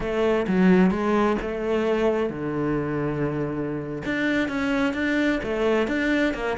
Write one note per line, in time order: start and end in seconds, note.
0.00 0.46 A3
0.47 0.90 F#3
0.90 1.37 G#3
1.41 2.29 A3
2.29 4.02 D3
4.05 4.48 D4
4.48 4.93 C#4
4.93 5.40 D4
5.43 5.87 A3
5.87 6.33 D4
6.34 6.57 A#3